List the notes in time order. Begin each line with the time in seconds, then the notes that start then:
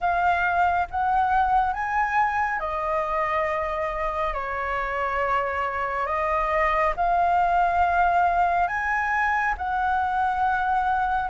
0.00 F5
0.90 F#5
1.73 G#5
2.59 D#5
4.33 C#5
6.06 D#5
6.96 F5
8.67 G#5
9.57 F#5